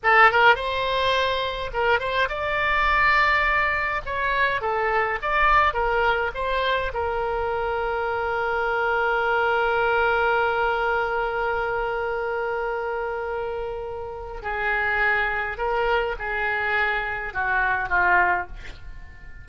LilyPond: \new Staff \with { instrumentName = "oboe" } { \time 4/4 \tempo 4 = 104 a'8 ais'8 c''2 ais'8 c''8 | d''2. cis''4 | a'4 d''4 ais'4 c''4 | ais'1~ |
ais'1~ | ais'1~ | ais'4 gis'2 ais'4 | gis'2 fis'4 f'4 | }